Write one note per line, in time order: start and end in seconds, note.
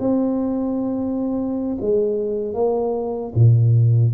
0.00 1.78 C4
1.81 2.54 G#3
2.54 3.33 A#3
3.35 4.14 A#2